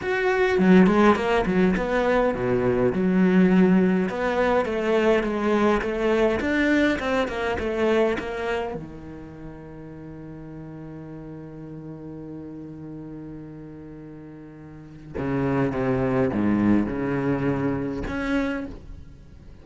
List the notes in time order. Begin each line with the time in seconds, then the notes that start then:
0.02 F#4
0.58 F#3
0.86 G#3
1.15 A#3
1.46 F#3
1.76 B3
2.34 B2
2.92 F#3
4.09 B3
4.65 A3
5.23 G#3
5.81 A3
6.40 D4
6.99 C4
7.28 A#3
7.59 A3
8.18 A#3
8.74 D#3
15.17 C#3
15.72 C3
16.32 G#2
16.86 C#3
18.07 C#4